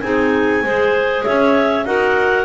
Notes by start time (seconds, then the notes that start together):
0.00 C4 D#4 G#4 G#5
0.62 G#3 G#4 C5
1.23 C#4 C#5 E5
1.85 D#4 F#4 A#4 F#5